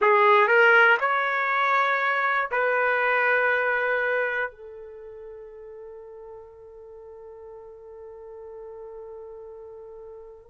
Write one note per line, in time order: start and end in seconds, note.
0.01 0.47 G#4
0.47 0.97 A#4
1.00 2.50 C#5
2.51 4.51 B4
4.51 10.50 A4